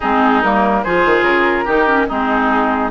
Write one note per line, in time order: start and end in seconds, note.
0.00 0.43 G#3
0.00 0.44 C4
0.00 0.81 D#4
0.00 0.42 G#4
0.42 0.84 G3
0.42 0.85 A#3
0.42 0.83 A#4
0.83 1.05 F3
0.83 1.67 F4
0.83 1.64 G#4
0.83 1.23 C5
1.05 1.22 D#3
1.22 1.63 C#3
1.22 2.07 A#4
1.64 2.09 D#3
1.64 1.87 D#4
1.64 2.06 G4
1.87 2.08 C#4
2.08 2.90 G#3
2.08 2.90 C4
2.08 2.90 D#4
2.08 2.90 G#4